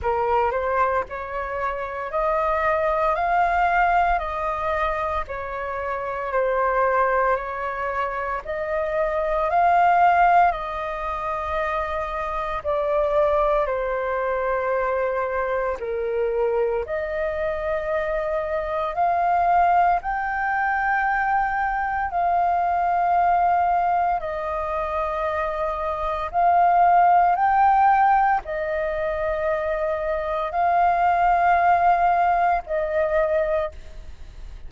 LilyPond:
\new Staff \with { instrumentName = "flute" } { \time 4/4 \tempo 4 = 57 ais'8 c''8 cis''4 dis''4 f''4 | dis''4 cis''4 c''4 cis''4 | dis''4 f''4 dis''2 | d''4 c''2 ais'4 |
dis''2 f''4 g''4~ | g''4 f''2 dis''4~ | dis''4 f''4 g''4 dis''4~ | dis''4 f''2 dis''4 | }